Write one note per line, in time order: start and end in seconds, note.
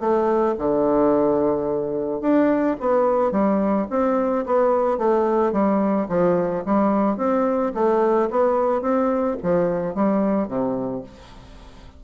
0.00 0.55 A3
0.59 2.21 D3
2.21 2.76 D4
2.80 3.32 B3
3.32 3.87 G3
3.90 4.45 C4
4.46 4.98 B3
4.98 5.52 A3
5.52 6.07 G3
6.09 6.64 F3
6.66 7.17 G3
7.17 7.72 C4
7.74 8.29 A3
8.30 8.82 B3
8.82 9.37 C4
9.43 9.95 F3
9.95 10.48 G3
10.48 11.03 C3